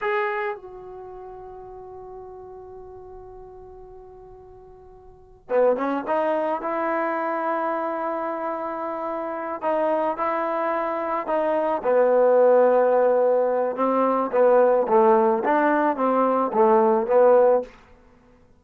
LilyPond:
\new Staff \with { instrumentName = "trombone" } { \time 4/4 \tempo 4 = 109 gis'4 fis'2.~ | fis'1~ | fis'2 b8 cis'8 dis'4 | e'1~ |
e'4. dis'4 e'4.~ | e'8 dis'4 b2~ b8~ | b4 c'4 b4 a4 | d'4 c'4 a4 b4 | }